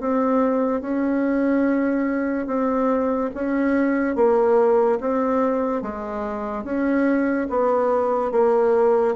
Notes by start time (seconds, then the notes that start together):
0.00 C4
0.81 C#4
2.47 C4
3.34 C#4
4.16 A#3
5.00 C4
5.82 G#3
6.64 C#4
7.50 B3
8.31 A#3